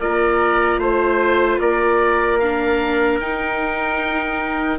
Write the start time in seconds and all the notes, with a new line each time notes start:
0.00 A#3 F4 A#4 D5
0.78 A3 C5
1.60 A#3 A#4 D5
2.39 D4 F5
3.19 D#4 G5